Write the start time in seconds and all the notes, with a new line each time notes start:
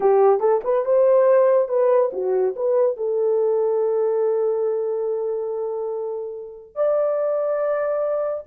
0.00 G4
0.40 A4
0.64 B4
0.85 C5
1.68 B4
2.13 F#4
2.56 B4
2.97 A4
6.75 D5